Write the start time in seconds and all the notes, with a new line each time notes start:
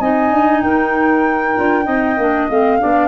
0.00 C4 D#4 D#5 G#5
0.31 D4
0.62 D#4 A#4 G5
1.57 D4 F4
1.84 C4 D#4 D#5
2.18 A#3 D4
2.50 A3 C4 F5
2.80 B3 D4 D5